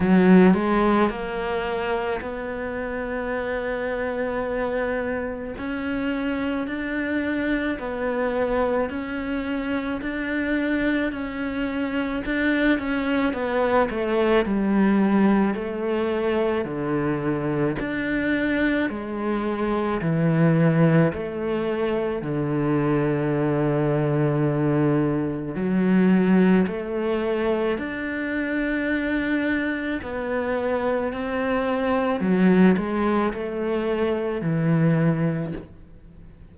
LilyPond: \new Staff \with { instrumentName = "cello" } { \time 4/4 \tempo 4 = 54 fis8 gis8 ais4 b2~ | b4 cis'4 d'4 b4 | cis'4 d'4 cis'4 d'8 cis'8 | b8 a8 g4 a4 d4 |
d'4 gis4 e4 a4 | d2. fis4 | a4 d'2 b4 | c'4 fis8 gis8 a4 e4 | }